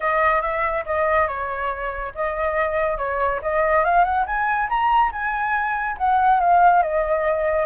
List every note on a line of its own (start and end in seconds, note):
0.00 0.41 D#5
0.41 0.84 E5
0.85 1.27 D#5
1.27 2.12 C#5
2.14 2.97 D#5
2.97 3.40 C#5
3.42 3.84 D#5
3.84 4.04 F5
4.04 4.25 F#5
4.26 4.68 G#5
4.69 5.11 A#5
5.11 5.97 G#5
5.97 6.39 F#5
6.39 6.82 F5
6.82 7.66 D#5